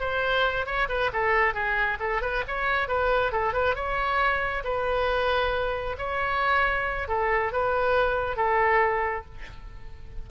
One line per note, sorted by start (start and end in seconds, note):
0.00 0.66 C5
0.66 0.88 C#5
0.89 1.11 B4
1.13 1.54 A4
1.54 1.98 G#4
2.00 2.22 A4
2.22 2.44 B4
2.48 2.88 C#5
2.88 3.32 B4
3.32 3.54 A4
3.54 3.75 B4
3.75 4.63 C#5
4.64 5.97 B4
5.98 7.08 C#5
7.08 7.52 A4
7.52 8.37 B4
8.37 9.25 A4